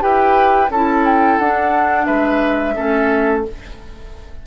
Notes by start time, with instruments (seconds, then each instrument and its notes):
0.00 bassoon E4, clarinet G4, oboe B4, flute G5
0.70 bassoon C#4, clarinet E4, oboe A4, flute A5
1.05 flute G5
1.39 bassoon D4, clarinet D4, flute F#5
2.06 bassoon G#3, oboe B4, flute E5
2.75 bassoon A3, clarinet C#4, oboe A4